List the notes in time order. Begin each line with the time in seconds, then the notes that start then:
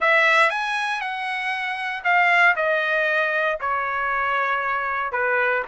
0.00 E5
0.50 G#5
1.00 F#5
2.04 F5
2.56 D#5
3.60 C#5
5.12 B4